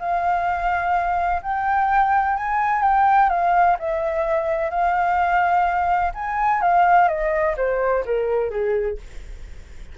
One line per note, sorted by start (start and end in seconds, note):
0.00 1.42 F5
1.43 2.37 G5
2.37 2.83 G#5
2.83 3.30 G5
3.30 3.77 F5
3.79 4.71 E5
4.71 6.12 F5
6.15 6.62 G#5
6.62 7.08 F5
7.08 7.56 D#5
7.57 8.04 C5
8.06 8.51 A#4
8.51 8.98 G#4